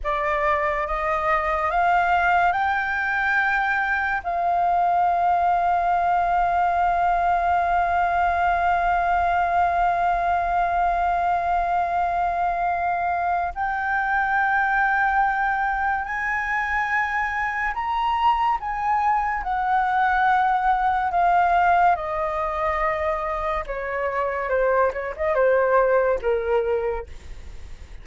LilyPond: \new Staff \with { instrumentName = "flute" } { \time 4/4 \tempo 4 = 71 d''4 dis''4 f''4 g''4~ | g''4 f''2.~ | f''1~ | f''1 |
g''2. gis''4~ | gis''4 ais''4 gis''4 fis''4~ | fis''4 f''4 dis''2 | cis''4 c''8 cis''16 dis''16 c''4 ais'4 | }